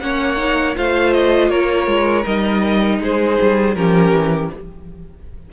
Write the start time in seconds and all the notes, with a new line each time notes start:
0.00 A#3 C#4 C#5 F#5
0.37 D#4
0.75 A3 F4 C5 F5
1.13 D#5
1.49 A#3 A#4 C#5
1.87 G#3
2.24 G3 D#4 D#5
3.00 G#3 G#4 C5
3.41 G3
3.75 F3 C#4 G4 A#4
4.12 E3